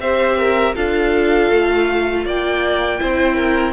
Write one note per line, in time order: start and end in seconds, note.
0.00 0.75 C4
0.00 0.76 G4
0.00 0.38 C5
0.00 0.75 E5
0.38 0.76 A#4
0.76 1.51 D4
0.76 3.00 F4
0.76 2.25 A4
0.76 2.26 F5
1.51 2.25 A3
2.25 3.00 A#3
2.25 3.00 D5
2.25 3.74 G5
3.00 3.74 C4
3.00 3.74 E4
3.00 3.36 C5
3.36 3.73 A#4